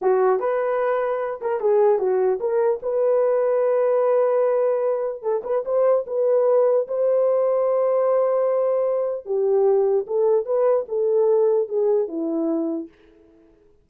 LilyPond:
\new Staff \with { instrumentName = "horn" } { \time 4/4 \tempo 4 = 149 fis'4 b'2~ b'8 ais'8 | gis'4 fis'4 ais'4 b'4~ | b'1~ | b'4 a'8 b'8 c''4 b'4~ |
b'4 c''2.~ | c''2. g'4~ | g'4 a'4 b'4 a'4~ | a'4 gis'4 e'2 | }